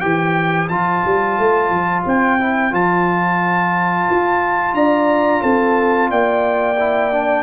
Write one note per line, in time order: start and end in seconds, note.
0.00 0.69 E3
0.00 0.68 G4
0.00 4.74 C5
0.00 0.67 G5
0.68 1.03 F3
0.68 2.39 F4
0.68 2.03 A5
1.05 1.38 G3
1.38 1.70 A3
1.70 2.03 F3
2.06 2.72 C4
2.06 2.74 G5
2.39 2.71 E4
2.71 4.07 F3
2.71 6.75 F4
2.71 4.74 A5
4.10 4.73 F4
4.73 5.41 D4
4.73 5.41 D5
4.73 5.42 A#5
5.41 6.11 C4
5.41 6.09 A4
5.41 6.09 A5
6.09 7.42 A#3
6.09 7.42 D5
6.09 7.42 G5
6.79 7.12 E4
7.12 7.42 D4